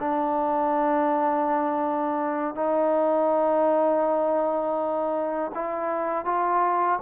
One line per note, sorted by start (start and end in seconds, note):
0.00 2.56 D4
2.56 5.52 D#4
5.55 6.26 E4
6.26 7.00 F4